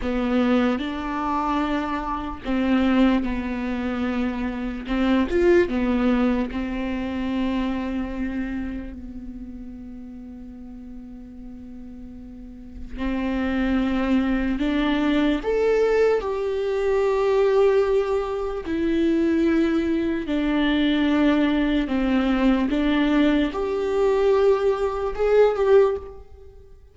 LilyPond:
\new Staff \with { instrumentName = "viola" } { \time 4/4 \tempo 4 = 74 b4 d'2 c'4 | b2 c'8 f'8 b4 | c'2. b4~ | b1 |
c'2 d'4 a'4 | g'2. e'4~ | e'4 d'2 c'4 | d'4 g'2 gis'8 g'8 | }